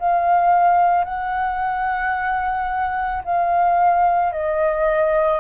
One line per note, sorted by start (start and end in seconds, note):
0.00 1.05 F5
1.05 3.23 F#5
3.25 4.33 F5
4.33 5.40 D#5